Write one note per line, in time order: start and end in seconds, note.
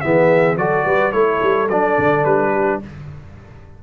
0.00 0.56 E3
0.00 0.57 B3
0.00 0.57 G#4
0.00 0.56 E5
0.56 0.84 F#3
0.56 1.12 F#4
0.56 0.85 A4
0.56 1.11 D5
0.85 1.12 G3
0.85 1.12 B4
1.11 1.40 A3
1.11 1.67 E4
1.11 2.51 A4
1.11 1.67 C#5
1.42 1.68 G3
1.68 1.96 F#3
1.68 2.82 D4
1.68 2.24 D5
1.98 2.24 D3
2.24 2.80 G3
2.24 2.80 B4
2.51 2.79 G4